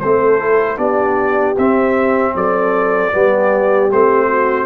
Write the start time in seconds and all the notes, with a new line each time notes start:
0.00 A3 C4 A4 C5
0.39 E4
0.77 B3 D4 G4 D5
1.58 C4 E5
2.35 F#3 A4 D5
3.12 G3 B3 G4
3.92 A3 C4 C5
4.27 F#4